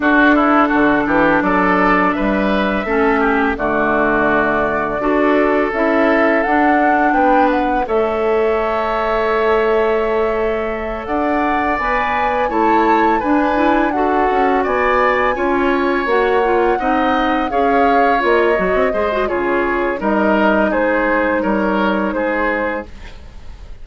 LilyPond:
<<
  \new Staff \with { instrumentName = "flute" } { \time 4/4 \tempo 4 = 84 a'2 d''4 e''4~ | e''4 d''2. | e''4 fis''4 g''8 fis''8 e''4~ | e''2.~ e''8 fis''8~ |
fis''8 gis''4 a''4 gis''4 fis''8~ | fis''8 gis''2 fis''4.~ | fis''8 f''4 dis''4. cis''4 | dis''4 c''4 cis''4 c''4 | }
  \new Staff \with { instrumentName = "oboe" } { \time 4/4 fis'8 e'8 fis'8 g'8 a'4 b'4 | a'8 g'8 fis'2 a'4~ | a'2 b'4 cis''4~ | cis''2.~ cis''8 d''8~ |
d''4. cis''4 b'4 a'8~ | a'8 d''4 cis''2 dis''8~ | dis''8 cis''2 c''8 gis'4 | ais'4 gis'4 ais'4 gis'4 | }
  \new Staff \with { instrumentName = "clarinet" } { \time 4/4 d'1 | cis'4 a2 fis'4 | e'4 d'2 a'4~ | a'1~ |
a'8 b'4 e'4 d'8 e'8 fis'8~ | fis'4. f'4 fis'8 f'8 dis'8~ | dis'8 gis'4 f'8 fis'8 gis'16 fis'16 f'4 | dis'1 | }
  \new Staff \with { instrumentName = "bassoon" } { \time 4/4 d'4 d8 e8 fis4 g4 | a4 d2 d'4 | cis'4 d'4 b4 a4~ | a2.~ a8 d'8~ |
d'8 b4 a4 d'4. | cis'8 b4 cis'4 ais4 c'8~ | c'8 cis'4 ais8 fis16 c'16 gis8 cis4 | g4 gis4 g4 gis4 | }
>>